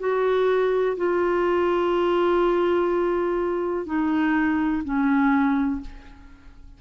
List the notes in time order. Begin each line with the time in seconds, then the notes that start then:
0.00 F#4
0.97 F4
3.86 D#4
4.84 C#4